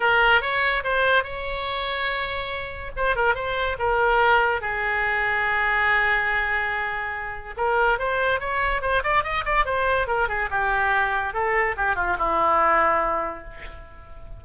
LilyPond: \new Staff \with { instrumentName = "oboe" } { \time 4/4 \tempo 4 = 143 ais'4 cis''4 c''4 cis''4~ | cis''2. c''8 ais'8 | c''4 ais'2 gis'4~ | gis'1~ |
gis'2 ais'4 c''4 | cis''4 c''8 d''8 dis''8 d''8 c''4 | ais'8 gis'8 g'2 a'4 | g'8 f'8 e'2. | }